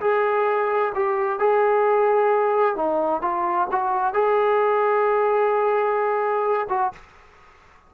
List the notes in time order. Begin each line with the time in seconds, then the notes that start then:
0.00 G#4
0.94 G4
1.39 G#4
2.75 D#4
3.21 F4
3.71 F#4
4.13 G#4
6.69 F#4